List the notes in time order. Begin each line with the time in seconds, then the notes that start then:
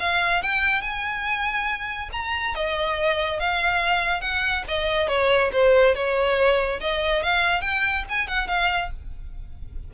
0.00 F5
0.43 G5
0.82 G#5
2.13 A#5
2.55 D#5
3.40 F5
4.21 F#5
4.68 D#5
5.08 C#5
5.53 C5
5.95 C#5
6.81 D#5
7.23 F5
7.62 G5
8.09 G#5
8.28 F#5
8.48 F5